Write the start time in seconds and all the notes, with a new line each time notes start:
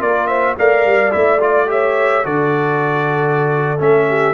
0.00 A#3 F4 A#4 D5
0.27 C5 E5
0.58 A3 A#4 D5 F5
0.85 G3
1.11 A3 E4 E5
1.41 F4 D5
1.67 G4 C#5 E5
2.23 D3 F#4 A4 D5
3.79 A3 C#4 E5
4.08 G4